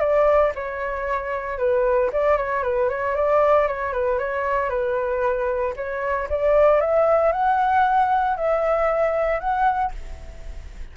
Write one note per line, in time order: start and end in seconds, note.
0.00 0.52 D5
0.55 1.58 C#5
1.58 2.10 B4
2.13 2.37 D5
2.37 2.63 C#5
2.63 2.89 B4
2.89 3.15 C#5
3.16 3.67 D5
3.67 3.92 C#5
3.92 4.19 B4
4.19 4.69 C#5
4.69 5.74 B4
5.76 6.28 C#5
6.29 6.80 D5
6.80 7.32 E5
7.32 8.36 F#5
8.37 9.40 E5
9.40 9.92 F#5